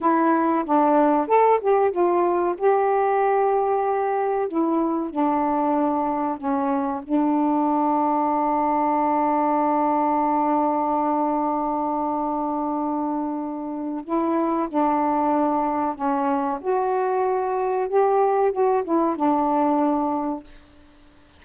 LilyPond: \new Staff \with { instrumentName = "saxophone" } { \time 4/4 \tempo 4 = 94 e'4 d'4 a'8 g'8 f'4 | g'2. e'4 | d'2 cis'4 d'4~ | d'1~ |
d'1~ | d'2 e'4 d'4~ | d'4 cis'4 fis'2 | g'4 fis'8 e'8 d'2 | }